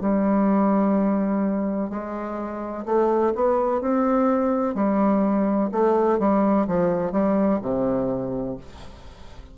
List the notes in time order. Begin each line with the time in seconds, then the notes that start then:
0.00 G3
1.90 G#3
2.85 A3
3.35 B3
3.81 C4
4.74 G3
5.71 A3
6.19 G3
6.67 F3
7.11 G3
7.61 C3